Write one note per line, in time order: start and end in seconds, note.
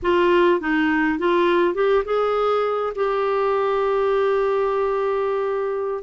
0.02 0.60 F4
0.60 1.18 D#4
1.18 1.74 F4
1.74 2.03 G4
2.04 2.93 G#4
2.95 6.03 G4